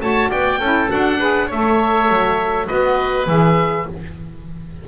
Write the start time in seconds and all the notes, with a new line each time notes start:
0.00 A3 F#4 C#5 A5
0.29 B3 D5 G5
0.59 C#4 E4 A4
0.89 D4 F#4 F#5
1.19 G#4 B4
1.47 A3 C#5 E5
1.54 A4
2.09 F#3
2.66 B3 F#4 B4 D#5
3.26 E3 G#4 E5